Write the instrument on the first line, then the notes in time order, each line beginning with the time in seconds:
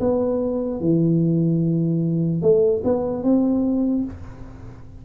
tuba
0.00 B3
0.80 E3
2.42 A3
2.84 B3
3.23 C4